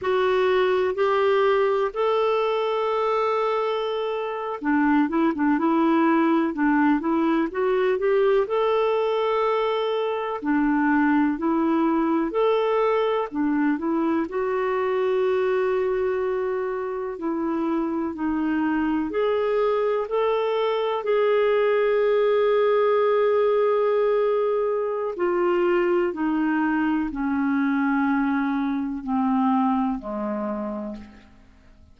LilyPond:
\new Staff \with { instrumentName = "clarinet" } { \time 4/4 \tempo 4 = 62 fis'4 g'4 a'2~ | a'8. d'8 e'16 d'16 e'4 d'8 e'8 fis'16~ | fis'16 g'8 a'2 d'4 e'16~ | e'8. a'4 d'8 e'8 fis'4~ fis'16~ |
fis'4.~ fis'16 e'4 dis'4 gis'16~ | gis'8. a'4 gis'2~ gis'16~ | gis'2 f'4 dis'4 | cis'2 c'4 gis4 | }